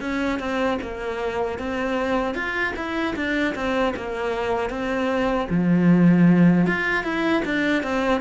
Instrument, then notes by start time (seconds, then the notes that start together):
cello
0.00 C#4
0.39 C4
0.81 A#3
1.58 C4
2.34 F4
2.76 E4
3.16 D4
3.55 C4
3.96 A#3
4.70 C4
5.49 F3
6.66 F4
7.03 E4
7.45 D4
7.82 C4